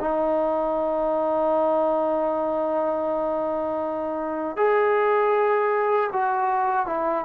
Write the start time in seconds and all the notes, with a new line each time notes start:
0.00 D#4
4.57 G#4
6.13 F#4
6.87 E4